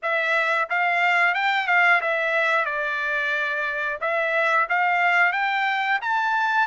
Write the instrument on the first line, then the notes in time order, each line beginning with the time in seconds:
trumpet
0.02 E5
0.69 F5
1.34 G5
1.67 F5
2.01 E5
2.65 D5
4.00 E5
4.69 F5
5.32 G5
6.02 A5